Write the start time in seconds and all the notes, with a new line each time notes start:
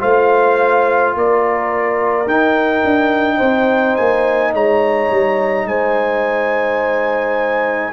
0.00 A3 F4 C5 F5
1.15 A#3 A#4 D5
2.27 D#4 G5
2.84 D4
3.37 C4 C5
3.96 A#3 G#5
4.54 G#3 C#5 A#5
5.11 G3
5.66 G#3 C5 G#5